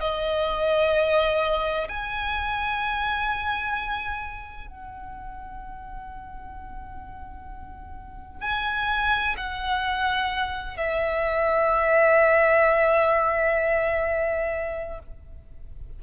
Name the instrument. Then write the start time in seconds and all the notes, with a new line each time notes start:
violin
0.00 D#5
1.88 G#5
4.67 F#5
8.41 G#5
9.37 F#5
10.77 E5